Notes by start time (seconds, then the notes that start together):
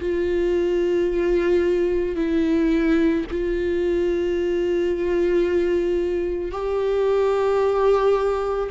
0.00 F4
2.16 E4
3.31 F4
6.52 G4